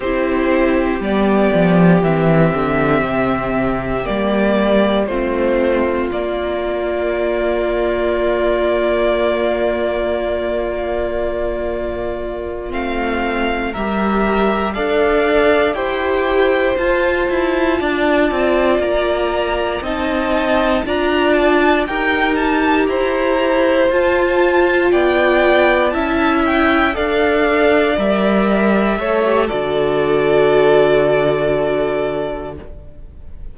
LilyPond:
<<
  \new Staff \with { instrumentName = "violin" } { \time 4/4 \tempo 4 = 59 c''4 d''4 e''2 | d''4 c''4 d''2~ | d''1~ | d''8 f''4 e''4 f''4 g''8~ |
g''8 a''2 ais''4 a''8~ | a''8 ais''8 a''8 g''8 a''8 ais''4 a''8~ | a''8 g''4 a''8 g''8 f''4 e''8~ | e''4 d''2. | }
  \new Staff \with { instrumentName = "violin" } { \time 4/4 g'1~ | g'4 f'2.~ | f'1~ | f'4. ais'4 d''4 c''8~ |
c''4. d''2 dis''8~ | dis''8 d''4 ais'4 c''4.~ | c''8 d''4 e''4 d''4.~ | d''8 cis''8 a'2. | }
  \new Staff \with { instrumentName = "viola" } { \time 4/4 e'4 b4 c'2 | ais4 c'4 ais2~ | ais1~ | ais8 c'4 g'4 a'4 g'8~ |
g'8 f'2. dis'8~ | dis'8 f'4 g'2 f'8~ | f'4. e'4 a'4 ais'8~ | ais'8 a'16 g'16 fis'2. | }
  \new Staff \with { instrumentName = "cello" } { \time 4/4 c'4 g8 f8 e8 d8 c4 | g4 a4 ais2~ | ais1~ | ais8 a4 g4 d'4 e'8~ |
e'8 f'8 e'8 d'8 c'8 ais4 c'8~ | c'8 d'4 dis'4 e'4 f'8~ | f'8 b4 cis'4 d'4 g8~ | g8 a8 d2. | }
>>